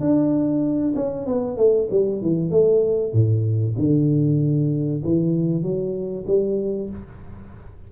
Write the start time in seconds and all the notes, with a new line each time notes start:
0.00 D4
0.95 C#4
1.26 B3
1.57 A3
1.91 G3
2.22 E3
2.50 A3
3.13 A2
3.78 D3
5.04 E3
5.62 F#3
6.27 G3